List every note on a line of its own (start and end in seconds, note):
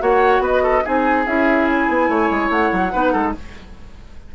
0.00 0.40 A#3
0.00 0.83 F#4
0.00 0.43 C#5
0.00 0.44 F#5
0.40 0.81 B3
0.40 0.63 B4
0.40 0.86 D#5
0.63 0.84 A4
0.84 1.27 C4
0.84 1.26 D#4
0.84 2.10 G#4
0.84 1.27 G#5
1.27 1.89 C#4
1.27 2.92 E4
1.27 1.68 E5
1.68 2.51 G#5
1.89 2.09 B3
2.09 2.30 A3
2.09 2.93 C#5
2.31 2.50 G#3
2.50 2.71 A3
2.50 3.34 F#5
2.72 2.93 F#3
2.92 3.14 B3
2.92 3.34 D#4
2.92 3.13 B4
3.13 3.35 G#3
3.13 3.34 A4